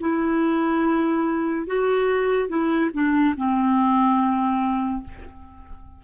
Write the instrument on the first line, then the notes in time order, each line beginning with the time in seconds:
clarinet
0.00 E4
1.67 F#4
2.49 E4
2.93 D4
3.37 C4